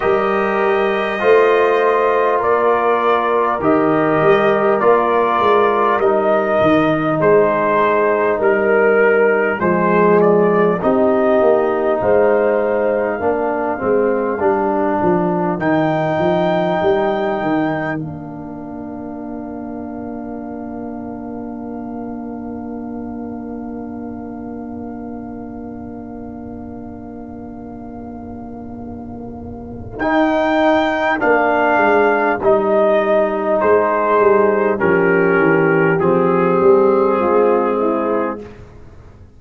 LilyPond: <<
  \new Staff \with { instrumentName = "trumpet" } { \time 4/4 \tempo 4 = 50 dis''2 d''4 dis''4 | d''4 dis''4 c''4 ais'4 | c''8 d''8 dis''4 f''2~ | f''4 g''2 f''4~ |
f''1~ | f''1~ | f''4 g''4 f''4 dis''4 | c''4 ais'4 gis'2 | }
  \new Staff \with { instrumentName = "horn" } { \time 4/4 ais'4 c''4 ais'2~ | ais'2 gis'4 ais'4 | gis'4 g'4 c''4 ais'4~ | ais'1~ |
ais'1~ | ais'1~ | ais'1 | gis'4 g'2 f'8 e'8 | }
  \new Staff \with { instrumentName = "trombone" } { \time 4/4 g'4 f'2 g'4 | f'4 dis'2. | gis4 dis'2 d'8 c'8 | d'4 dis'2 d'4~ |
d'1~ | d'1~ | d'4 dis'4 d'4 dis'4~ | dis'4 cis'4 c'2 | }
  \new Staff \with { instrumentName = "tuba" } { \time 4/4 g4 a4 ais4 dis8 g8 | ais8 gis8 g8 dis8 gis4 g4 | f4 c'8 ais8 gis4 ais8 gis8 | g8 f8 dis8 f8 g8 dis8 ais4~ |
ais1~ | ais1~ | ais4 dis'4 ais8 gis8 g4 | gis8 g8 f8 e8 f8 g8 gis4 | }
>>